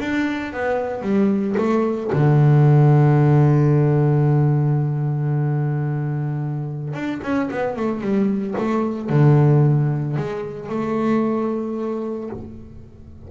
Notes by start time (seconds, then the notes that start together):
0.00 D4
0.53 B3
1.02 G3
1.58 A3
2.13 D3
6.94 D4
7.23 C#4
7.51 B3
7.77 A3
8.01 G3
8.58 A3
9.10 D3
10.17 G#3
10.69 A3